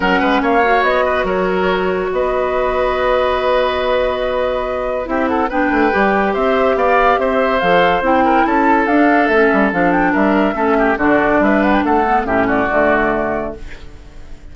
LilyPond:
<<
  \new Staff \with { instrumentName = "flute" } { \time 4/4 \tempo 4 = 142 fis''4 f''4 dis''4 cis''4~ | cis''4 dis''2.~ | dis''1 | e''8 fis''8 g''2 e''4 |
f''4 e''4 f''4 g''4 | a''4 f''4 e''4 f''8 g''8 | e''2 d''4 e''8 fis''16 g''16 | fis''4 e''8 d''2~ d''8 | }
  \new Staff \with { instrumentName = "oboe" } { \time 4/4 ais'8 b'8 cis''4. b'8 ais'4~ | ais'4 b'2.~ | b'1 | g'8 a'8 b'2 c''4 |
d''4 c''2~ c''8 ais'8 | a'1 | ais'4 a'8 g'8 fis'4 b'4 | a'4 g'8 fis'2~ fis'8 | }
  \new Staff \with { instrumentName = "clarinet" } { \time 4/4 cis'4. fis'2~ fis'8~ | fis'1~ | fis'1 | e'4 d'4 g'2~ |
g'2 a'4 e'4~ | e'4 d'4 cis'4 d'4~ | d'4 cis'4 d'2~ | d'8 b8 cis'4 a2 | }
  \new Staff \with { instrumentName = "bassoon" } { \time 4/4 fis8 gis8 ais4 b4 fis4~ | fis4 b2.~ | b1 | c'4 b8 a8 g4 c'4 |
b4 c'4 f4 c'4 | cis'4 d'4 a8 g8 f4 | g4 a4 d4 g4 | a4 a,4 d2 | }
>>